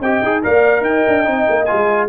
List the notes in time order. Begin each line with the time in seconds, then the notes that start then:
0.00 C4 G4 D#5 G5
0.23 D#4 G#4
0.43 A#3 A#4 D5 F5
0.81 D#4 G5
0.88 D#5
1.08 D4
1.25 C4 D#4
1.49 A#3
1.65 F4 G#5
1.72 G#3